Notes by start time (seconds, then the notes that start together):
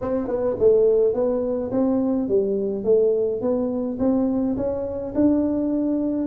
0.01 C4
0.27 B3
0.59 A3
1.13 B3
1.71 C4
2.28 G3
2.84 A3
3.41 B3
3.99 C4
4.57 C#4
5.14 D4